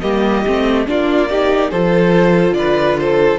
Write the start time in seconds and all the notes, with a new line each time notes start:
0.00 G3 A#3 G4 D#5
0.46 A3 C4
0.86 A#3 D4 F4 D5
1.29 D#4 G4
1.70 F3 F4 A4 C5
2.51 D3 D5
2.58 B4
2.98 A4 C5